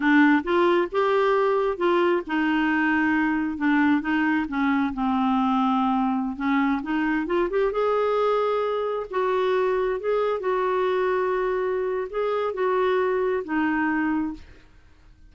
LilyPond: \new Staff \with { instrumentName = "clarinet" } { \time 4/4 \tempo 4 = 134 d'4 f'4 g'2 | f'4 dis'2. | d'4 dis'4 cis'4 c'4~ | c'2~ c'16 cis'4 dis'8.~ |
dis'16 f'8 g'8 gis'2~ gis'8.~ | gis'16 fis'2 gis'4 fis'8.~ | fis'2. gis'4 | fis'2 dis'2 | }